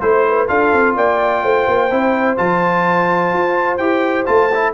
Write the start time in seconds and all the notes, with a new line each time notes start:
0.00 A3 E4 C5
0.28 B4
0.48 D4 F4 A4 F5
0.72 C4
0.96 A#3 D5 G5
1.43 A3 C5
1.67 A#3
1.91 C4 E4
2.37 F3 F4 A5
3.33 F4
3.77 E4 G4 G5
4.25 A3 F4 A5
4.54 E4